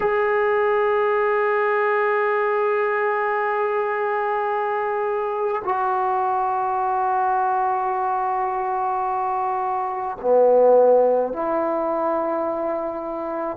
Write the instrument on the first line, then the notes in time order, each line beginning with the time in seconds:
trombone
0.00 G#4
5.64 F#4
10.21 B3
11.33 E4